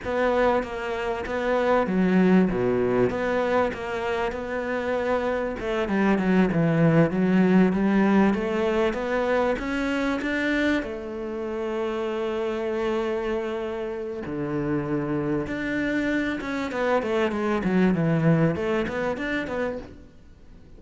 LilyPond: \new Staff \with { instrumentName = "cello" } { \time 4/4 \tempo 4 = 97 b4 ais4 b4 fis4 | b,4 b4 ais4 b4~ | b4 a8 g8 fis8 e4 fis8~ | fis8 g4 a4 b4 cis'8~ |
cis'8 d'4 a2~ a8~ | a2. d4~ | d4 d'4. cis'8 b8 a8 | gis8 fis8 e4 a8 b8 d'8 b8 | }